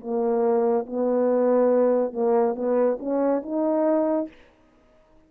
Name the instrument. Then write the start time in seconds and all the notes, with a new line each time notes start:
horn
0.00 A#3
0.86 B3
2.13 A#3
2.55 B3
2.99 C#4
3.42 D#4